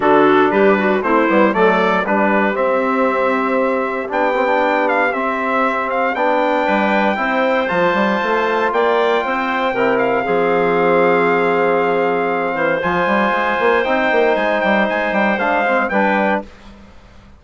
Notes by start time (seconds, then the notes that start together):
0.00 D3 D4 F#4 A4
0.51 G3 G4 B4
0.78 F#4
1.02 A3 C4 E4 C5
1.28 G3 B3
1.52 F#3 A3 A4 D5
2.04 G3 D4 G4 B4
2.54 C4 E5
4.08 B3 D4 G5
4.35 C4
4.45 D4
4.88 F5
5.12 C4 E5
5.90 F5
6.14 B3 D4 G5
6.64 G3 B4
7.15 C4 E4 C5
7.67 F3 F4 A5
7.94 G3
8.23 A3
8.72 A#3 D5 G5
9.24 C4 C5
9.73 C3 E4 A#4
9.98 F5
10.24 F3 C4 G#4
12.54 E3 C5
12.81 F3 F4 G#5
13.06 G3
13.30 G#3
13.59 A#3
13.84 C4 D#4 G5
14.11 A#3
14.35 G#3 G#5
14.60 G3 G5
14.88 G#3 G#5
15.12 G3 G5
15.38 G#3 D4 F5
15.66 C4
15.89 G3 D4 B4 G5